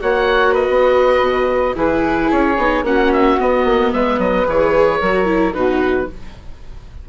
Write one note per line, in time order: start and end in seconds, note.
0.00 0.68 A#3
0.00 1.75 F#4
0.00 0.53 C#5
0.00 0.55 F#5
0.53 1.75 B4
0.53 1.77 D#5
0.68 1.21 B3
1.21 1.75 B2
1.75 2.30 E3
1.75 2.56 E4
1.75 2.84 G#4
1.75 2.31 B4
2.31 2.58 C#4
2.31 2.85 C#5
2.58 2.83 B3
2.58 2.84 D#4
2.83 3.37 A#3
2.83 3.38 C#4
2.83 3.93 F#4
2.83 3.13 F#5
3.13 3.40 E5
3.39 4.47 B3
3.39 3.65 B3
3.39 3.93 D#5
3.65 3.92 A#3
3.93 4.19 G#3
3.93 5.01 B4
3.93 4.20 E5
4.19 4.46 F#3
4.19 4.47 D#5
4.47 5.01 E3
4.47 5.01 G#4
4.47 5.54 C#5
5.01 5.55 F#3
5.01 5.26 F#4
5.01 5.54 A#4
5.26 5.53 E4
5.54 6.09 B2
5.54 6.09 D#4
5.54 6.08 F#4
5.54 6.08 B4